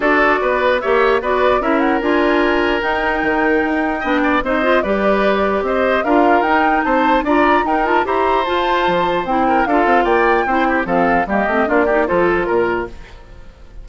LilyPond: <<
  \new Staff \with { instrumentName = "flute" } { \time 4/4 \tempo 4 = 149 d''2 e''4 d''4 | e''8 fis''8 gis''2 g''4~ | g''2. dis''4 | d''2 dis''4 f''4 |
g''4 a''4 ais''4 g''8 a''8 | ais''4 a''2 g''4 | f''4 g''2 f''4 | dis''4 d''4 c''4 ais'4 | }
  \new Staff \with { instrumentName = "oboe" } { \time 4/4 a'4 b'4 cis''4 b'4 | ais'1~ | ais'2 dis''8 d''8 c''4 | b'2 c''4 ais'4~ |
ais'4 c''4 d''4 ais'4 | c''2.~ c''8 ais'8 | a'4 d''4 c''8 g'8 a'4 | g'4 f'8 g'8 a'4 ais'4 | }
  \new Staff \with { instrumentName = "clarinet" } { \time 4/4 fis'2 g'4 fis'4 | e'4 f'2 dis'4~ | dis'2 d'4 dis'8 f'8 | g'2. f'4 |
dis'2 f'4 dis'8 f'8 | g'4 f'2 e'4 | f'2 e'4 c'4 | ais8 c'8 d'8 dis'8 f'2 | }
  \new Staff \with { instrumentName = "bassoon" } { \time 4/4 d'4 b4 ais4 b4 | cis'4 d'2 dis'4 | dis4 dis'4 b4 c'4 | g2 c'4 d'4 |
dis'4 c'4 d'4 dis'4 | e'4 f'4 f4 c'4 | d'8 c'8 ais4 c'4 f4 | g8 a8 ais4 f4 ais,4 | }
>>